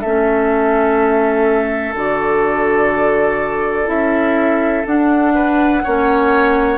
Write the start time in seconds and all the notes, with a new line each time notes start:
0.00 A3 C#4 A4 E5
1.94 D3 F#4 D5
3.86 C#4 E4 E5
4.85 D4 F#5
5.34 B4
5.83 A#3 C#4 C#5